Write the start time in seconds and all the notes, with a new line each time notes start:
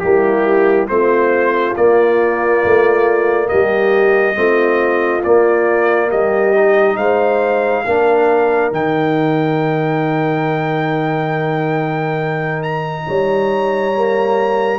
0.00 G3 A#3 E4 G4
0.88 A3 C4 F4 C5
1.76 A#3 D5
2.64 A3
3.48 G3 G4 D#5
4.35 A3 C4 F4
5.24 A#3 D5
6.10 G3 G4 D#5
6.55 D#4
6.97 G#3 C5 F5
7.85 A#3 D4 A#4
8.72 D#3 D#4 G5
12.63 A#5
13.07 G3 C#5
13.94 A#3